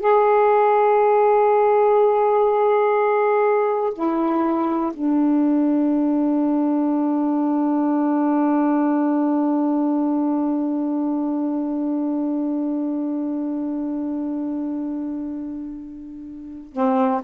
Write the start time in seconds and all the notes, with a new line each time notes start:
0.00 G#4
3.94 E4
4.94 D4
16.73 C4